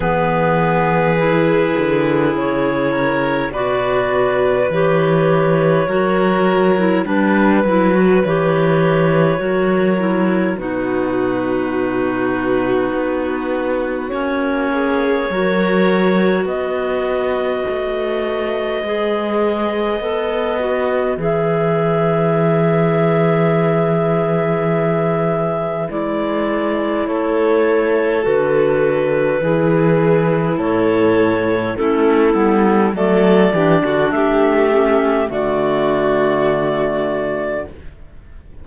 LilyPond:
<<
  \new Staff \with { instrumentName = "clarinet" } { \time 4/4 \tempo 4 = 51 b'2 cis''4 d''4 | cis''2 b'4 cis''4~ | cis''4 b'2. | cis''2 dis''2~ |
dis''2 e''2~ | e''2 d''4 cis''4 | b'2 cis''4 a'4 | d''4 e''4 d''2 | }
  \new Staff \with { instrumentName = "violin" } { \time 4/4 gis'2~ gis'8 ais'8 b'4~ | b'4 ais'4 b'2 | ais'4 fis'2.~ | fis'8 gis'8 ais'4 b'2~ |
b'1~ | b'2. a'4~ | a'4 gis'4 a'4 e'4 | a'8 g'16 fis'16 g'4 fis'2 | }
  \new Staff \with { instrumentName = "clarinet" } { \time 4/4 b4 e'2 fis'4 | g'4 fis'8. e'16 d'8 e'16 fis'16 g'4 | fis'8 e'8 dis'2. | cis'4 fis'2. |
gis'4 a'8 fis'8 gis'2~ | gis'2 e'2 | fis'4 e'2 cis'8 b8 | a8 d'4 cis'8 a2 | }
  \new Staff \with { instrumentName = "cello" } { \time 4/4 e4. d8 cis4 b,4 | e4 fis4 g8 fis8 e4 | fis4 b,2 b4 | ais4 fis4 b4 a4 |
gis4 b4 e2~ | e2 gis4 a4 | d4 e4 a,4 a8 g8 | fis8 e16 d16 a4 d2 | }
>>